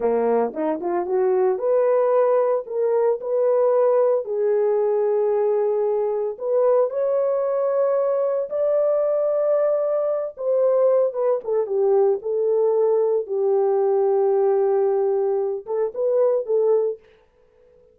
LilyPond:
\new Staff \with { instrumentName = "horn" } { \time 4/4 \tempo 4 = 113 ais4 dis'8 f'8 fis'4 b'4~ | b'4 ais'4 b'2 | gis'1 | b'4 cis''2. |
d''2.~ d''8 c''8~ | c''4 b'8 a'8 g'4 a'4~ | a'4 g'2.~ | g'4. a'8 b'4 a'4 | }